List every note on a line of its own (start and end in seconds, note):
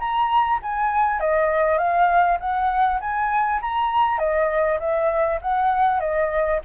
0.00 0.60 A#5
0.63 1.20 G#5
1.20 1.78 D#5
1.78 2.38 F5
2.40 3.00 F#5
3.01 3.61 G#5
3.62 4.19 A#5
4.19 4.79 D#5
4.80 5.40 E5
5.42 6.00 F#5
6.00 6.60 D#5